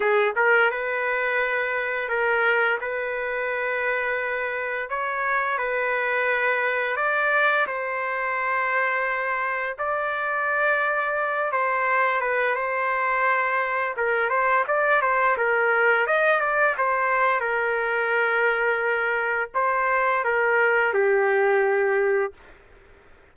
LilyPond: \new Staff \with { instrumentName = "trumpet" } { \time 4/4 \tempo 4 = 86 gis'8 ais'8 b'2 ais'4 | b'2. cis''4 | b'2 d''4 c''4~ | c''2 d''2~ |
d''8 c''4 b'8 c''2 | ais'8 c''8 d''8 c''8 ais'4 dis''8 d''8 | c''4 ais'2. | c''4 ais'4 g'2 | }